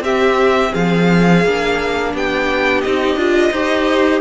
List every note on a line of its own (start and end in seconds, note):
0.00 0.70 C4
0.00 1.43 C4
0.00 0.72 G4
0.00 0.74 E5
0.72 1.45 F3
0.72 2.11 G#4
0.72 2.14 F5
1.45 2.14 A#3
1.45 2.85 D4
2.14 2.84 B3
2.14 3.51 G4
2.14 2.81 G5
2.81 3.16 C4
2.81 3.17 D#4
2.81 4.21 D#5
3.16 3.51 D4
3.16 3.52 F4
3.51 4.21 D#4
3.51 4.21 G4
3.51 4.21 C5